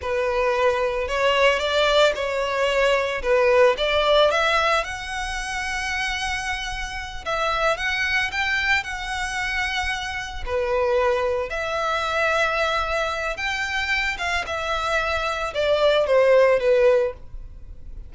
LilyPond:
\new Staff \with { instrumentName = "violin" } { \time 4/4 \tempo 4 = 112 b'2 cis''4 d''4 | cis''2 b'4 d''4 | e''4 fis''2.~ | fis''4. e''4 fis''4 g''8~ |
g''8 fis''2. b'8~ | b'4. e''2~ e''8~ | e''4 g''4. f''8 e''4~ | e''4 d''4 c''4 b'4 | }